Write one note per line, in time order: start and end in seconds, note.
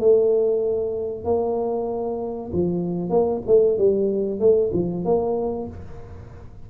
0.00 1.25 A3
1.25 2.51 A#3
2.53 3.10 F3
3.10 3.42 A#3
3.47 3.78 A3
3.78 4.40 G3
4.40 4.72 A3
4.73 5.05 F3
5.05 5.68 A#3